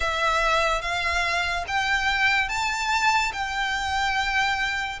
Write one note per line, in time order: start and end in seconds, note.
0.00 0.81 E5
0.81 1.64 F5
1.67 2.48 G5
2.48 3.32 A5
3.33 4.99 G5